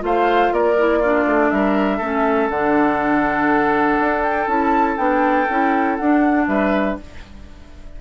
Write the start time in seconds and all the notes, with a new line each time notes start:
0.00 A3 F4 C5 F5
0.52 A#3 A#4 D5
0.78 E4
0.99 D4 F4
1.26 A3
1.51 G3 A#4 E5
1.98 A3 C#4 A4
2.50 D3 D4 F#5
3.99 D4
4.24 G5
4.48 C#4 E4 A5
4.98 B3 D4 G5
5.49 C#4 E4
5.97 D4 F#5
6.48 G3 B4 E5